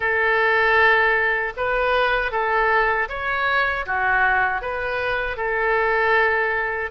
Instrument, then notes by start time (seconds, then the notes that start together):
oboe
0.00 A4
1.56 B4
2.31 A4
3.08 C#5
3.86 F#4
4.61 B4
5.37 A4